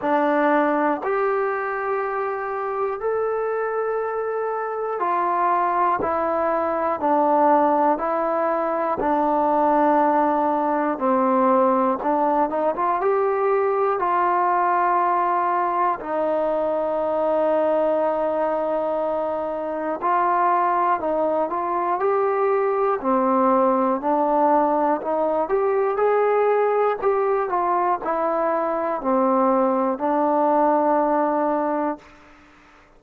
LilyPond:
\new Staff \with { instrumentName = "trombone" } { \time 4/4 \tempo 4 = 60 d'4 g'2 a'4~ | a'4 f'4 e'4 d'4 | e'4 d'2 c'4 | d'8 dis'16 f'16 g'4 f'2 |
dis'1 | f'4 dis'8 f'8 g'4 c'4 | d'4 dis'8 g'8 gis'4 g'8 f'8 | e'4 c'4 d'2 | }